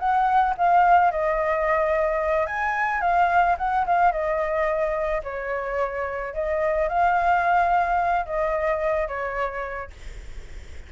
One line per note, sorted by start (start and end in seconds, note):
0.00 0.55 F#5
0.58 1.12 F5
1.12 2.47 D#5
2.47 3.02 G#5
3.02 3.57 F5
3.58 3.86 F#5
3.87 4.12 F5
4.12 5.22 D#5
5.24 6.34 C#5
6.34 6.89 D#5
6.89 8.26 F5
8.26 9.08 D#5
9.08 9.91 C#5